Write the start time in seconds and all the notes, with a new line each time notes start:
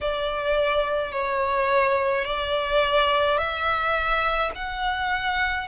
0.00 D5
1.12 C#5
2.24 D5
3.38 E5
4.55 F#5